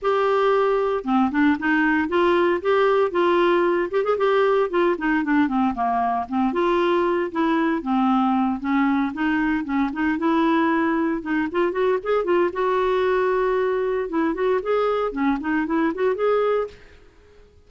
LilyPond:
\new Staff \with { instrumentName = "clarinet" } { \time 4/4 \tempo 4 = 115 g'2 c'8 d'8 dis'4 | f'4 g'4 f'4. g'16 gis'16 | g'4 f'8 dis'8 d'8 c'8 ais4 | c'8 f'4. e'4 c'4~ |
c'8 cis'4 dis'4 cis'8 dis'8 e'8~ | e'4. dis'8 f'8 fis'8 gis'8 f'8 | fis'2. e'8 fis'8 | gis'4 cis'8 dis'8 e'8 fis'8 gis'4 | }